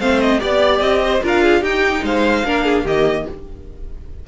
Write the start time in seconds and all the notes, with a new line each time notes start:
0.00 A3 C4 C5 F5
0.21 D#5
0.40 B3 G4 D5
0.80 C4 D#5
1.05 C5
1.24 D4 F4 A#4 F5
1.44 G#4
1.61 D#4 G4 G5
2.03 G#3 C5 F5
2.45 A#3 D4 A#4
2.65 G#4
2.85 D#3 A#3 G4 D#5